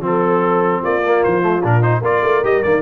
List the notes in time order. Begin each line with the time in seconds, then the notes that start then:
0.00 F3 C4 A4
0.80 A#3 F4 D5
1.05 A#3
1.23 F3 C5
1.42 A3
1.64 A#2 D4 A#4
1.81 D#4 C5
2.01 A#3 F4 A#4 D5
2.22 A3
2.43 G3 G4 D#5
2.62 D#3 A#3 D5